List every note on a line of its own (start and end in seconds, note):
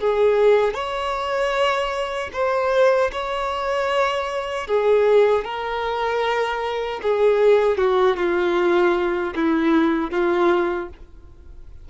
0.00 0.74 G#4
0.74 2.30 C#5
2.33 3.11 C5
3.12 4.67 C#5
4.67 5.44 G#4
5.44 7.00 A#4
7.02 7.77 G#4
7.77 8.16 F#4
8.16 9.33 F4
9.35 10.11 E4
10.11 10.88 F4